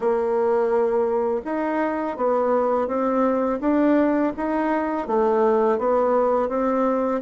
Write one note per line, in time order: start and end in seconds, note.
0.00 1.41 A#3
1.45 2.17 D#4
2.17 2.87 B3
2.87 3.59 C4
3.60 4.32 D4
4.36 5.07 D#4
5.07 5.78 A3
5.78 6.48 B3
6.48 7.21 C4